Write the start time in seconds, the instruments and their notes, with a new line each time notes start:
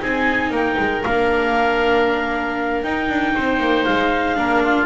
0.00 double bass C4, viola D#4, oboe G#4, clarinet G#5
0.51 double bass A#3, oboe A#4, clarinet G5
0.79 double bass G#3
1.04 double bass A#3, viola D4, clarinet F5
2.83 double bass D#4, viola D#4, clarinet G5
3.09 double bass D4
3.36 double bass C4, oboe C5
3.60 double bass A#3
3.85 double bass G#3, clarinet F5
4.36 double bass A#3, viola D4, oboe A#4
4.64 oboe F4